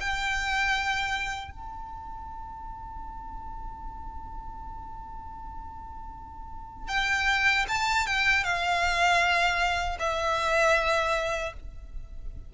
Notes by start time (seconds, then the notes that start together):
0.00 G5
1.51 A5
6.88 G5
7.68 A5
8.07 G5
8.44 F5
9.99 E5